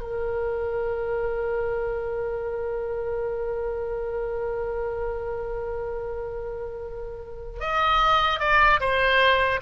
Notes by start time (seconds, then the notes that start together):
0.00 A#4
7.60 D#5
8.39 D5
8.80 C5